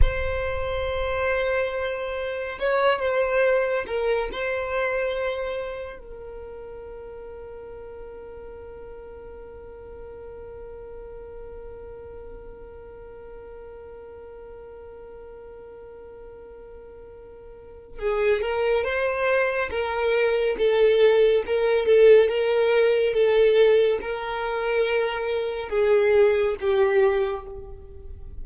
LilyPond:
\new Staff \with { instrumentName = "violin" } { \time 4/4 \tempo 4 = 70 c''2. cis''8 c''8~ | c''8 ais'8 c''2 ais'4~ | ais'1~ | ais'1~ |
ais'1~ | ais'4 gis'8 ais'8 c''4 ais'4 | a'4 ais'8 a'8 ais'4 a'4 | ais'2 gis'4 g'4 | }